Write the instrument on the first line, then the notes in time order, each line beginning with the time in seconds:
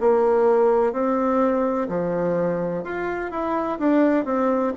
bassoon
0.00 A#3
0.93 C4
1.89 F3
2.84 F4
3.31 E4
3.79 D4
4.25 C4